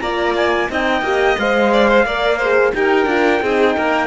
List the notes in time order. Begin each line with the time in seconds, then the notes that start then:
0.00 A#3 F4 D5 A#5
0.36 G#5
0.70 C4 D#4 D#5 G5
1.02 A#3 G4
1.38 G#3 C5 F5
1.73 D5
1.88 C5
2.05 A#3 A#4 D5
2.38 G#4 C5
2.74 D#4 G4 A#4 G5
3.06 D4 F4
3.42 C4 D#4 G#4
3.76 A#3 A#4